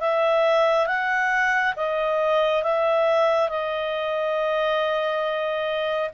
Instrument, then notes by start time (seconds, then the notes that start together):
clarinet
0.00 E5
0.87 F#5
1.76 D#5
2.63 E5
3.49 D#5